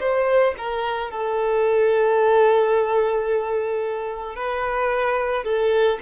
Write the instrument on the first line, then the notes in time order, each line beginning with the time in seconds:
violin
0.00 C5
0.58 A#4
1.11 A4
4.36 B4
5.44 A4